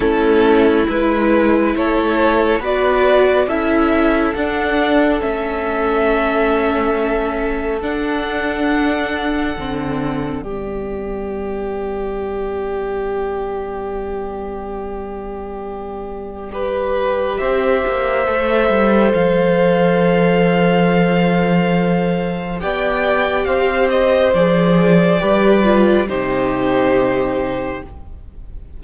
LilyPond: <<
  \new Staff \with { instrumentName = "violin" } { \time 4/4 \tempo 4 = 69 a'4 b'4 cis''4 d''4 | e''4 fis''4 e''2~ | e''4 fis''2. | d''1~ |
d''1 | e''2 f''2~ | f''2 g''4 f''8 dis''8 | d''2 c''2 | }
  \new Staff \with { instrumentName = "violin" } { \time 4/4 e'2 a'4 b'4 | a'1~ | a'1 | g'1~ |
g'2. b'4 | c''1~ | c''2 d''4 c''4~ | c''4 b'4 g'2 | }
  \new Staff \with { instrumentName = "viola" } { \time 4/4 cis'4 e'2 fis'4 | e'4 d'4 cis'2~ | cis'4 d'2 c'4 | b1~ |
b2. g'4~ | g'4 a'2.~ | a'2 g'2 | gis'4 g'8 f'8 dis'2 | }
  \new Staff \with { instrumentName = "cello" } { \time 4/4 a4 gis4 a4 b4 | cis'4 d'4 a2~ | a4 d'2 d4 | g1~ |
g1 | c'8 ais8 a8 g8 f2~ | f2 b4 c'4 | f4 g4 c2 | }
>>